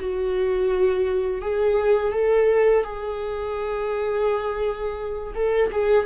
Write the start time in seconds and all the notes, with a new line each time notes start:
0.00 F#4
1.42 G#4
2.13 A4
2.84 G#4
5.35 A4
5.72 G#4